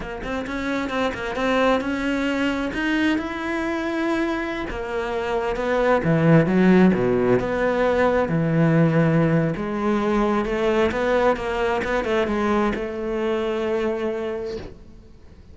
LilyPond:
\new Staff \with { instrumentName = "cello" } { \time 4/4 \tempo 4 = 132 ais8 c'8 cis'4 c'8 ais8 c'4 | cis'2 dis'4 e'4~ | e'2~ e'16 ais4.~ ais16~ | ais16 b4 e4 fis4 b,8.~ |
b,16 b2 e4.~ e16~ | e4 gis2 a4 | b4 ais4 b8 a8 gis4 | a1 | }